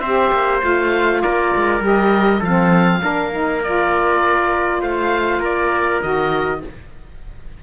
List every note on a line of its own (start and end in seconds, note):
0.00 0.32 C4
0.00 0.60 G4
0.00 1.22 C5
0.00 0.60 E5
0.32 0.62 A#3
0.60 1.23 A3
0.60 1.80 F4
0.60 1.22 F5
1.22 1.56 A#3
1.22 2.40 A#4
1.22 1.82 D5
1.56 1.81 G#3
1.80 2.41 G3
1.80 2.40 G4
1.86 2.44 D#5
2.40 3.01 F3
2.40 3.01 C4
2.40 3.00 A4
2.40 3.64 F5
3.01 4.82 A#3
3.01 3.31 D4
3.01 4.81 A#4
3.32 3.62 D#4
3.64 6.02 F4
3.64 4.83 D5
4.81 5.40 A3
4.81 5.40 C5
4.81 5.43 F5
5.40 6.00 A#3
5.40 6.60 A#4
5.40 6.02 D5
6.02 6.63 D#3
6.02 6.62 F#4
6.02 6.62 D#5